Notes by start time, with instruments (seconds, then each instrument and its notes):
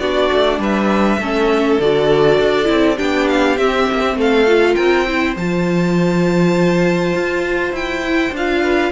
0.00 cello B3, viola D4, violin F#4 D5
0.33 cello A3
0.59 cello G3, violin B4 E5
1.19 cello A3, viola C#4, violin A4
1.80 cello D3, viola F#4, violin D5
2.40 cello D4
2.65 cello C4, viola E4
2.97 cello B3, viola D4, violin G4 G5
3.29 violin F5
3.57 cello C4, viola C4, violin E5
3.92 cello A#3
4.01 cello C4
4.16 cello A3, violin A4 F5
4.47 viola F4
4.75 cello C4, violin A#4 G5
5.07 viola E4, violin C5
5.36 cello F3, viola F4, violin A5
7.15 cello F4
7.72 cello E4, violin G5
8.03 viola E4
8.32 cello D4, viola F4, violin F5
8.63 violin B4